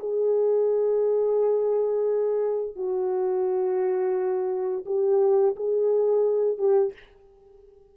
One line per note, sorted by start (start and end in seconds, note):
0.00 2.76 G#4
2.76 4.86 F#4
4.86 5.56 G4
5.56 6.59 G#4
6.59 6.94 G4